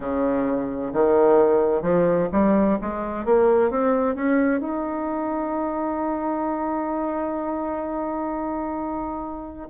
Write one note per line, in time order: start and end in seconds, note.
0.00 0.92 C#3
0.93 1.82 D#3
1.82 2.28 F3
2.32 2.78 G3
2.81 3.25 G#3
3.25 3.70 A#3
3.70 4.15 C4
4.15 4.60 C#4
4.60 9.68 D#4